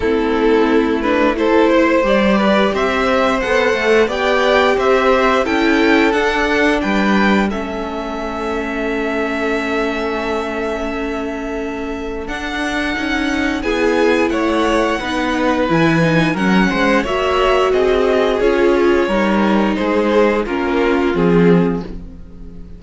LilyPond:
<<
  \new Staff \with { instrumentName = "violin" } { \time 4/4 \tempo 4 = 88 a'4. b'8 c''4 d''4 | e''4 fis''4 g''4 e''4 | g''4 fis''4 g''4 e''4~ | e''1~ |
e''2 fis''2 | gis''4 fis''2 gis''4 | fis''4 e''4 dis''4 cis''4~ | cis''4 c''4 ais'4 gis'4 | }
  \new Staff \with { instrumentName = "violin" } { \time 4/4 e'2 a'8 c''4 b'8 | c''2 d''4 c''4 | a'2 b'4 a'4~ | a'1~ |
a'1 | gis'4 cis''4 b'2 | ais'8 c''8 cis''4 gis'2 | ais'4 gis'4 f'2 | }
  \new Staff \with { instrumentName = "viola" } { \time 4/4 c'4. d'8 e'4 g'4~ | g'4 a'4 g'2 | e'4 d'2 cis'4~ | cis'1~ |
cis'2 d'4 dis'4 | e'2 dis'4 e'8 dis'8 | cis'4 fis'2 f'4 | dis'2 cis'4 c'4 | }
  \new Staff \with { instrumentName = "cello" } { \time 4/4 a2. g4 | c'4 b8 a8 b4 c'4 | cis'4 d'4 g4 a4~ | a1~ |
a2 d'4 cis'4 | b4 a4 b4 e4 | fis8 gis8 ais4 c'4 cis'4 | g4 gis4 ais4 f4 | }
>>